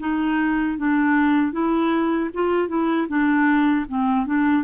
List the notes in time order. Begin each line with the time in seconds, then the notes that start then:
0.00 D#4
0.78 D4
1.52 E4
2.34 F4
2.68 E4
3.08 D4
3.89 C4
4.26 D4